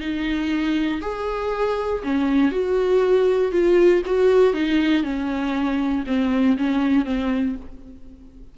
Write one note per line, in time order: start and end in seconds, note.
0.00 1.01 D#4
1.01 2.02 G#4
2.03 2.51 C#4
2.51 3.51 F#4
3.51 4.02 F4
4.06 4.53 F#4
4.53 5.03 D#4
5.03 6.04 C#4
6.06 6.57 C4
6.57 7.05 C#4
7.05 7.55 C4